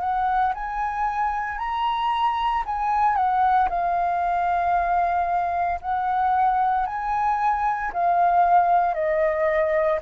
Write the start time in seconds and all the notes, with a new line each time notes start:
0.00 F#5
0.54 G#5
1.58 A#5
2.66 G#5
3.16 F#5
3.69 F5
5.81 F#5
6.86 G#5
7.93 F5
8.94 D#5